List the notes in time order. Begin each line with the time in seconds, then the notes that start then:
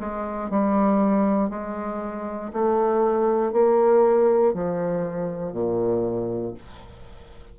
0.00 G#3
0.51 G3
1.50 G#3
2.53 A3
3.53 A#3
4.54 F3
5.53 A#2